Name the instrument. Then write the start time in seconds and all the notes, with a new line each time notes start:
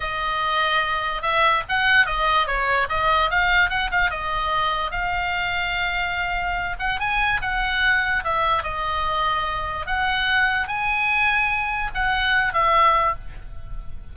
oboe
0.00 D#5
1.21 E5
1.68 F#5
2.06 D#5
2.46 C#5
2.89 D#5
3.30 F5
3.69 F#5
3.91 F5
4.10 D#5
4.91 F5
6.79 F#5
6.99 G#5
7.41 F#5
8.24 E5
8.63 D#5
9.86 F#5
10.67 G#5
11.94 F#5
12.53 E5